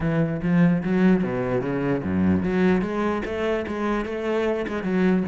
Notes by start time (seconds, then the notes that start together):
0.00 E3
0.42 F3
0.83 F#3
1.23 B2
1.61 C#3
2.03 F#2
2.43 F#3
2.81 G#3
3.25 A3
3.67 G#3
4.05 A3
4.67 G#3
4.83 F#3